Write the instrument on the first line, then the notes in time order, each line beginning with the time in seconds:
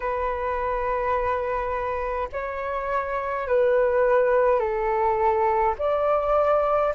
flute
0.00 B4
2.32 C#5
3.47 B4
4.59 A4
5.78 D5